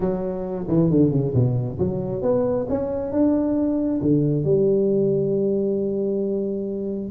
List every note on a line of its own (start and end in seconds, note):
0.00 0.67 F#3
0.68 0.90 E3
0.90 1.11 D3
1.11 1.33 C#3
1.33 1.78 B2
1.79 2.22 F#3
2.22 2.66 B3
2.69 3.12 C#4
3.12 4.01 D4
4.01 4.44 D3
4.44 7.11 G3